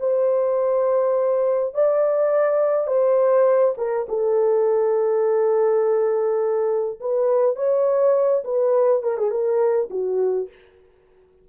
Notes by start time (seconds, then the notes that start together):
0.00 C5
1.74 D5
2.87 C5
3.78 A#4
4.09 A4
7.00 B4
7.56 C#5
8.45 B4
9.03 A#4
9.18 G#4
9.31 A#4
9.91 F#4